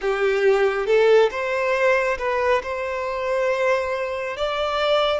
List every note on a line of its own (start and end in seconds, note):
0.01 0.86 G4
0.86 1.29 A4
1.30 2.17 C5
2.18 2.62 B4
2.62 4.36 C5
4.37 5.20 D5